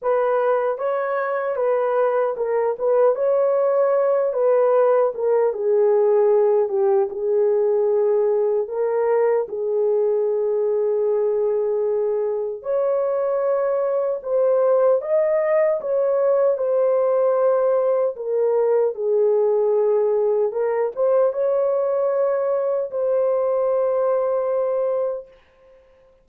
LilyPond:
\new Staff \with { instrumentName = "horn" } { \time 4/4 \tempo 4 = 76 b'4 cis''4 b'4 ais'8 b'8 | cis''4. b'4 ais'8 gis'4~ | gis'8 g'8 gis'2 ais'4 | gis'1 |
cis''2 c''4 dis''4 | cis''4 c''2 ais'4 | gis'2 ais'8 c''8 cis''4~ | cis''4 c''2. | }